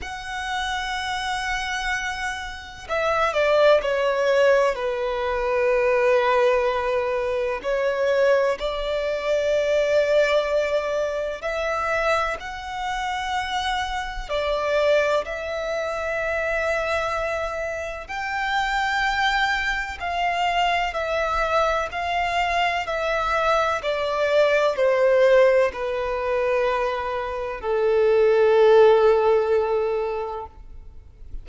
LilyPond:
\new Staff \with { instrumentName = "violin" } { \time 4/4 \tempo 4 = 63 fis''2. e''8 d''8 | cis''4 b'2. | cis''4 d''2. | e''4 fis''2 d''4 |
e''2. g''4~ | g''4 f''4 e''4 f''4 | e''4 d''4 c''4 b'4~ | b'4 a'2. | }